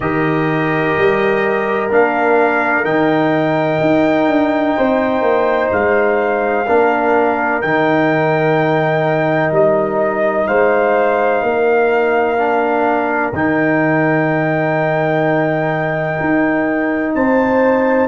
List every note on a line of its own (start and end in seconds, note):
0.00 0.94 D#3
0.00 1.89 G4
0.00 4.76 A#4
0.00 1.90 D#5
0.97 1.90 G3
1.89 2.84 A#3
1.89 2.84 D4
1.89 2.85 F5
2.84 3.79 D#3
2.84 6.65 D#4
2.84 5.70 G5
3.80 4.28 D#4
4.28 4.75 D4
4.76 5.21 C4
4.76 6.66 C5
5.21 5.69 A#3
5.72 6.67 G#3
5.72 7.61 F5
6.66 7.63 A#3
6.66 7.62 D4
6.66 10.47 A#4
7.61 9.51 D#3
7.61 12.38 D#4
7.61 9.52 G5
9.51 10.46 G3
9.51 10.47 D#5
10.47 11.41 G#3
10.47 11.42 C5
10.47 13.32 F5
11.41 13.32 A#3
11.41 17.13 A#4
12.38 13.33 D4
13.33 16.18 D#3
13.33 18.07 D#4
13.33 17.14 G5
16.20 17.14 D#4
17.14 18.07 C4
17.14 18.07 C5
17.14 18.07 A5